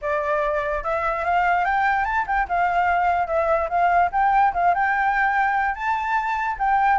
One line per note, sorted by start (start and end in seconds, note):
0.01 0.83 D5
0.83 1.24 E5
1.24 1.64 F5
1.64 2.05 G5
2.05 2.25 A5
2.26 2.47 G5
2.48 3.27 F5
3.27 3.68 E5
3.69 4.10 F5
4.12 4.53 G5
4.53 4.74 F5
4.74 5.74 G5
5.74 6.56 A5
6.58 6.98 G5